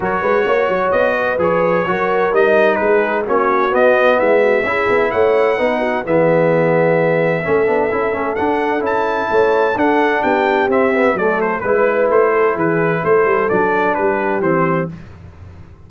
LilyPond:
<<
  \new Staff \with { instrumentName = "trumpet" } { \time 4/4 \tempo 4 = 129 cis''2 dis''4 cis''4~ | cis''4 dis''4 b'4 cis''4 | dis''4 e''2 fis''4~ | fis''4 e''2.~ |
e''2 fis''4 a''4~ | a''4 fis''4 g''4 e''4 | d''8 c''8 b'4 c''4 b'4 | c''4 d''4 b'4 c''4 | }
  \new Staff \with { instrumentName = "horn" } { \time 4/4 ais'8 b'8 cis''4. b'4. | ais'2 gis'4 fis'4~ | fis'4 e'8 fis'8 gis'4 cis''4 | b'8 fis'8 gis'2. |
a'1 | cis''4 a'4 g'2 | a'4 b'4. a'8 gis'4 | a'2 g'2 | }
  \new Staff \with { instrumentName = "trombone" } { \time 4/4 fis'2. gis'4 | fis'4 dis'2 cis'4 | b2 e'2 | dis'4 b2. |
cis'8 d'8 e'8 cis'8 d'4 e'4~ | e'4 d'2 c'8 b8 | a4 e'2.~ | e'4 d'2 c'4 | }
  \new Staff \with { instrumentName = "tuba" } { \time 4/4 fis8 gis8 ais8 fis8 b4 f4 | fis4 g4 gis4 ais4 | b4 gis4 cis'8 b8 a4 | b4 e2. |
a8 b8 cis'8 a8 d'4 cis'4 | a4 d'4 b4 c'4 | fis4 gis4 a4 e4 | a8 g8 fis4 g4 e4 | }
>>